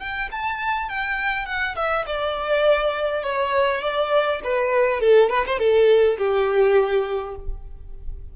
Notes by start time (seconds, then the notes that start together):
0.00 G5
0.32 A5
0.90 G5
1.46 F#5
1.76 E5
2.07 D5
3.23 C#5
3.82 D5
4.44 B4
5.01 A4
5.30 B4
5.47 C5
5.59 A4
6.18 G4